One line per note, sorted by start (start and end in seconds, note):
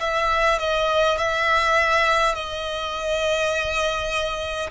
0.00 0.59 E5
0.59 1.18 D#5
1.18 2.35 E5
2.35 4.70 D#5